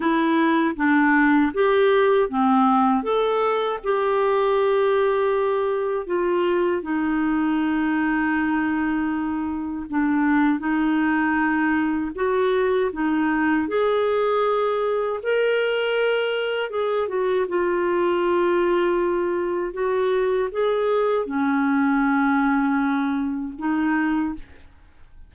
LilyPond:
\new Staff \with { instrumentName = "clarinet" } { \time 4/4 \tempo 4 = 79 e'4 d'4 g'4 c'4 | a'4 g'2. | f'4 dis'2.~ | dis'4 d'4 dis'2 |
fis'4 dis'4 gis'2 | ais'2 gis'8 fis'8 f'4~ | f'2 fis'4 gis'4 | cis'2. dis'4 | }